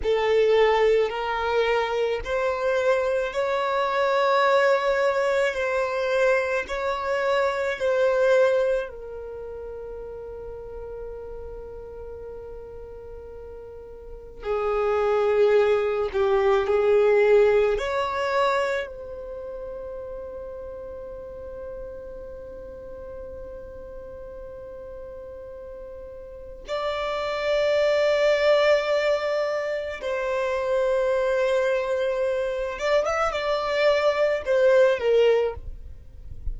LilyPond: \new Staff \with { instrumentName = "violin" } { \time 4/4 \tempo 4 = 54 a'4 ais'4 c''4 cis''4~ | cis''4 c''4 cis''4 c''4 | ais'1~ | ais'4 gis'4. g'8 gis'4 |
cis''4 c''2.~ | c''1 | d''2. c''4~ | c''4. d''16 e''16 d''4 c''8 ais'8 | }